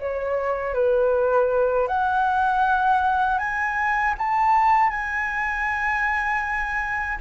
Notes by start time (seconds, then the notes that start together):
0.00 C#5
0.74 B4
1.88 F#5
3.39 G#5
4.18 A5
4.90 G#5